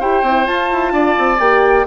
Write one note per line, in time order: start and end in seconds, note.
0.00 0.23 E4
0.00 0.25 G4
0.00 0.93 C5
0.00 0.47 G5
0.23 0.46 C4
0.23 0.45 E4
0.45 1.38 F4
0.45 0.72 F4
0.45 1.40 A5
0.72 0.92 E4
0.92 1.15 D4
0.92 1.87 D5
1.18 1.40 C4
1.40 1.86 A#3
1.40 1.87 G4
1.40 1.86 G5